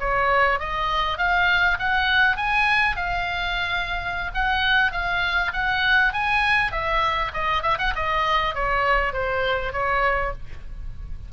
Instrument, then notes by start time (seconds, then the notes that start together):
oboe
0.00 C#5
0.60 D#5
1.18 F5
1.79 F#5
2.37 G#5
2.96 F5
4.34 F#5
4.92 F5
5.53 F#5
6.13 G#5
6.72 E5
7.34 D#5
7.63 E5
7.79 F#5
7.96 D#5
8.55 C#5
9.13 C5
9.73 C#5